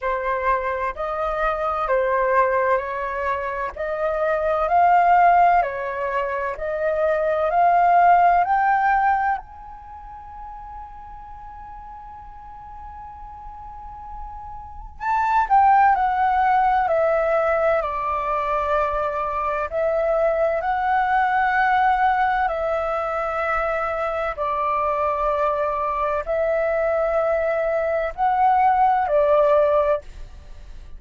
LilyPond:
\new Staff \with { instrumentName = "flute" } { \time 4/4 \tempo 4 = 64 c''4 dis''4 c''4 cis''4 | dis''4 f''4 cis''4 dis''4 | f''4 g''4 gis''2~ | gis''1 |
a''8 g''8 fis''4 e''4 d''4~ | d''4 e''4 fis''2 | e''2 d''2 | e''2 fis''4 d''4 | }